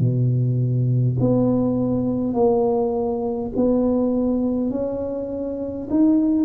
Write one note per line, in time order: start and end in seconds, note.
0.00 1.18 B2
1.20 2.34 B3
2.34 3.51 A#3
3.57 4.71 B3
4.71 5.88 C#4
5.90 6.45 D#4